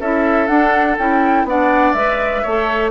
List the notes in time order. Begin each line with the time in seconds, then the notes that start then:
0.00 C#4 E4 A4 E5
0.47 D4 F#5
0.98 C#4 E4 G5
1.44 B3 D4 D5 F#5
1.93 G#3 B4 E5
2.43 A3 A4 C#5